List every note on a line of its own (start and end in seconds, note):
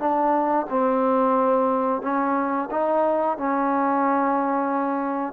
0.00 0.67 D4
0.70 2.02 C4
2.02 2.69 C#4
2.71 3.38 D#4
3.38 5.34 C#4